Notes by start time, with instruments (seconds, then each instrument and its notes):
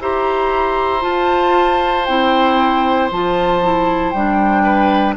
0.00 bassoon E4, clarinet G4, oboe C5, flute A#5
1.00 clarinet F4, bassoon F4, flute A5
2.05 bassoon C4, clarinet E4, flute G5
3.11 bassoon F3, clarinet F4, flute A5
3.62 clarinet E4
4.11 bassoon G3, clarinet D4, flute G5
4.63 oboe B4